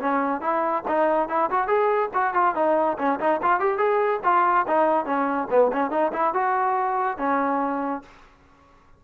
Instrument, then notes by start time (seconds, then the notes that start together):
trombone
0.00 C#4
0.41 E4
0.88 D#4
1.28 E4
1.51 F#4
1.67 G#4
2.14 F#4
2.34 F4
2.55 D#4
2.98 C#4
3.20 D#4
3.42 F4
3.60 G4
3.78 G#4
4.24 F4
4.67 D#4
5.05 C#4
5.50 B3
5.73 C#4
5.90 D#4
6.12 E4
6.34 F#4
7.18 C#4